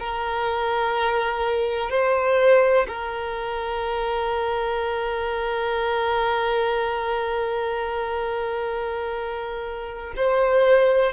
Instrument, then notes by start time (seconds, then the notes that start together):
violin
0.00 A#4
1.90 C5
2.89 A#4
10.17 C5